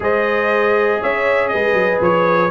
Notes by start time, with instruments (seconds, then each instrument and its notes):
0.00 tuba G#3, trombone G#4, horn C5, trumpet D#5
1.00 tuba C#4, horn C#5, trumpet E5
1.48 tuba G#3, horn B4, trumpet D#5
1.73 tuba F#3
2.00 tuba F3, trumpet C#5